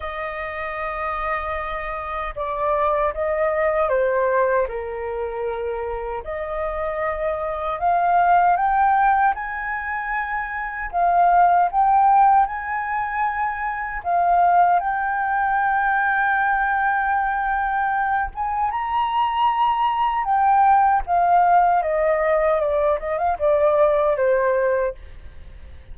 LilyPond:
\new Staff \with { instrumentName = "flute" } { \time 4/4 \tempo 4 = 77 dis''2. d''4 | dis''4 c''4 ais'2 | dis''2 f''4 g''4 | gis''2 f''4 g''4 |
gis''2 f''4 g''4~ | g''2.~ g''8 gis''8 | ais''2 g''4 f''4 | dis''4 d''8 dis''16 f''16 d''4 c''4 | }